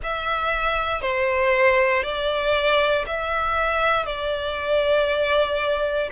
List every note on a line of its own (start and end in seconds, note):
0.03 1.01 E5
1.01 2.03 C5
2.03 3.05 D5
3.06 4.05 E5
4.05 6.09 D5